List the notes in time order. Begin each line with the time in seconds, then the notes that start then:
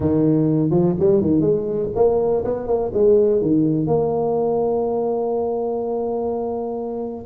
0.00 D#3
0.70 F3
0.99 G3
1.21 D#3
1.40 G#3
1.95 A#3
2.44 B3
2.67 A#3
2.93 G#3
3.41 D#3
3.86 A#3